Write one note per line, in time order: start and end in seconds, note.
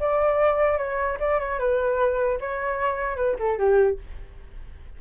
0.00 0.78 D5
0.78 1.18 C#5
1.20 1.40 D5
1.40 1.59 C#5
1.59 2.39 B4
2.40 3.17 C#5
3.17 3.37 B4
3.39 3.59 A4
3.59 3.99 G4